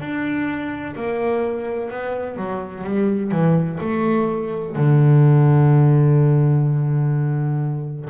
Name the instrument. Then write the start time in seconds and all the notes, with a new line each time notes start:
double bass
0.00 D4
0.95 A#3
1.90 B3
2.37 F#3
2.84 G3
3.31 E3
3.81 A3
4.76 D3